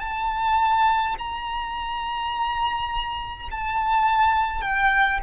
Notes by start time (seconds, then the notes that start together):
0.00 A5
1.19 A#5
3.51 A5
4.62 G5